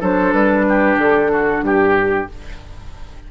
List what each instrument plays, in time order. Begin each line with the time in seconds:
0.00 bassoon F#3, clarinet D4, oboe A4, flute C5
0.32 bassoon G3, flute B4
0.68 oboe G4
0.97 bassoon D3, flute A4
1.31 oboe F#4
1.62 bassoon G2, flute G4, oboe G4